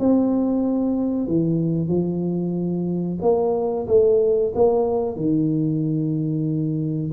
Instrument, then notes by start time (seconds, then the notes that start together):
tuba
0.00 C4
1.27 E3
1.89 F3
3.22 A#3
3.88 A3
4.55 A#3
5.17 D#3